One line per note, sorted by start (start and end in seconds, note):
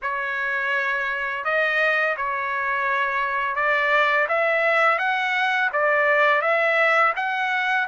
0.02 1.44 C#5
1.44 2.16 D#5
2.17 3.55 C#5
3.55 4.27 D5
4.28 4.98 E5
4.98 5.69 F#5
5.72 6.41 D5
6.41 7.13 E5
7.16 7.87 F#5